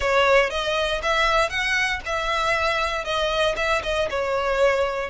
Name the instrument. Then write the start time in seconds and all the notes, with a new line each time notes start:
violin
0.00 C#5
0.50 D#5
1.02 E5
1.49 F#5
2.05 E5
3.04 D#5
3.56 E5
3.83 D#5
4.10 C#5